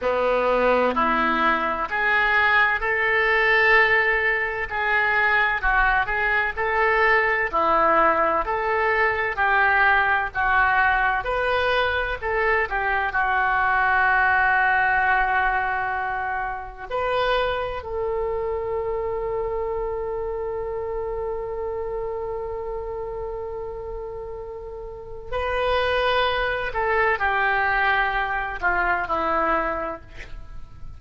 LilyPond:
\new Staff \with { instrumentName = "oboe" } { \time 4/4 \tempo 4 = 64 b4 e'4 gis'4 a'4~ | a'4 gis'4 fis'8 gis'8 a'4 | e'4 a'4 g'4 fis'4 | b'4 a'8 g'8 fis'2~ |
fis'2 b'4 a'4~ | a'1~ | a'2. b'4~ | b'8 a'8 g'4. f'8 e'4 | }